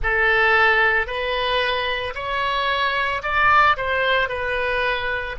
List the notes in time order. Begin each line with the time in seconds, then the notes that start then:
0.02 A4
1.06 B4
2.14 C#5
3.22 D5
3.76 C5
4.29 B4